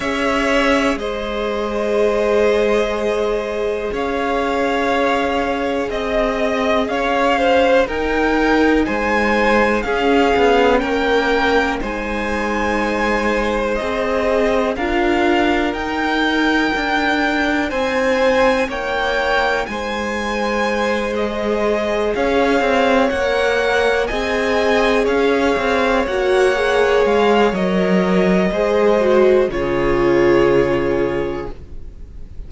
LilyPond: <<
  \new Staff \with { instrumentName = "violin" } { \time 4/4 \tempo 4 = 61 e''4 dis''2. | f''2 dis''4 f''4 | g''4 gis''4 f''4 g''4 | gis''2 dis''4 f''4 |
g''2 gis''4 g''4 | gis''4. dis''4 f''4 fis''8~ | fis''8 gis''4 f''4 fis''4 f''8 | dis''2 cis''2 | }
  \new Staff \with { instrumentName = "violin" } { \time 4/4 cis''4 c''2. | cis''2 dis''4 cis''8 c''8 | ais'4 c''4 gis'4 ais'4 | c''2. ais'4~ |
ais'2 c''4 cis''4 | c''2~ c''8 cis''4.~ | cis''8 dis''4 cis''2~ cis''8~ | cis''4 c''4 gis'2 | }
  \new Staff \with { instrumentName = "viola" } { \time 4/4 gis'1~ | gis'1 | dis'2 cis'2 | dis'2 gis'4 f'4 |
dis'1~ | dis'4. gis'2 ais'8~ | ais'8 gis'2 fis'8 gis'4 | ais'4 gis'8 fis'8 f'2 | }
  \new Staff \with { instrumentName = "cello" } { \time 4/4 cis'4 gis2. | cis'2 c'4 cis'4 | dis'4 gis4 cis'8 b8 ais4 | gis2 c'4 d'4 |
dis'4 d'4 c'4 ais4 | gis2~ gis8 cis'8 c'8 ais8~ | ais8 c'4 cis'8 c'8 ais4 gis8 | fis4 gis4 cis2 | }
>>